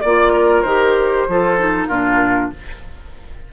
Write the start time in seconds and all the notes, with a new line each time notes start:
0.00 A#3 F4 D5
0.33 A#4
0.61 D#3 G4 C5
1.28 F3 F4 A4
1.58 D#4
1.87 A#2 D4 F4 A#4